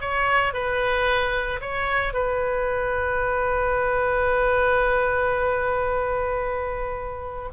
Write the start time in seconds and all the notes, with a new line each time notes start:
0.00 C#5
0.53 B4
1.61 C#5
2.13 B4